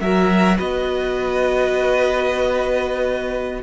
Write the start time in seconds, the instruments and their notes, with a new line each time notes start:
0.00 cello F#3, viola F#4, violin A#4 E5
0.57 cello B3, violin B4 D#5